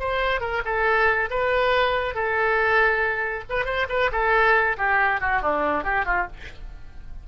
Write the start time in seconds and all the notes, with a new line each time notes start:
0.00 C5
0.41 A#4
0.65 A4
1.30 B4
2.15 A4
3.50 B4
3.65 C5
3.89 B4
4.12 A4
4.78 G4
5.21 F#4
5.42 D4
5.84 G4
6.05 F4